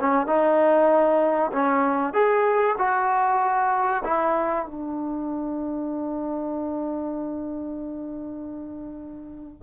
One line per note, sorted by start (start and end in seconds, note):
0.00 0.26 C#4
0.26 1.51 D#4
1.52 2.13 C#4
2.13 2.76 G#4
2.78 4.03 F#4
4.04 4.66 E4
4.66 9.62 D4